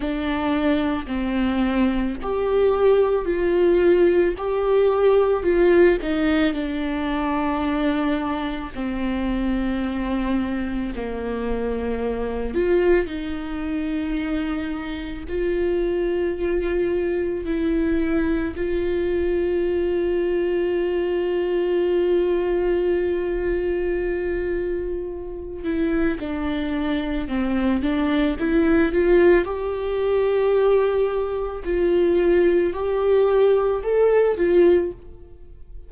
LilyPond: \new Staff \with { instrumentName = "viola" } { \time 4/4 \tempo 4 = 55 d'4 c'4 g'4 f'4 | g'4 f'8 dis'8 d'2 | c'2 ais4. f'8 | dis'2 f'2 |
e'4 f'2.~ | f'2.~ f'8 e'8 | d'4 c'8 d'8 e'8 f'8 g'4~ | g'4 f'4 g'4 a'8 f'8 | }